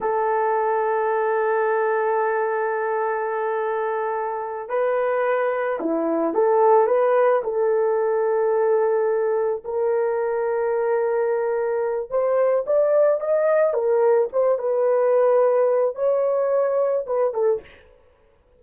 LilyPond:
\new Staff \with { instrumentName = "horn" } { \time 4/4 \tempo 4 = 109 a'1~ | a'1~ | a'8 b'2 e'4 a'8~ | a'8 b'4 a'2~ a'8~ |
a'4. ais'2~ ais'8~ | ais'2 c''4 d''4 | dis''4 ais'4 c''8 b'4.~ | b'4 cis''2 b'8 a'8 | }